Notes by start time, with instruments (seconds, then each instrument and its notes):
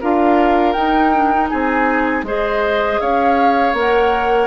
0.00 bassoon D4, clarinet F4, oboe A#4, flute F5
0.72 clarinet D#4, bassoon D#4, flute G5
1.14 clarinet D4
1.32 clarinet D#4
1.49 bassoon C4, oboe G#4, flute G#5
2.23 bassoon G#3, clarinet G#4, oboe C5, flute D#5
3.00 bassoon C#4, oboe C#5, flute F5
3.73 bassoon A#3, clarinet A#4
3.79 flute F#5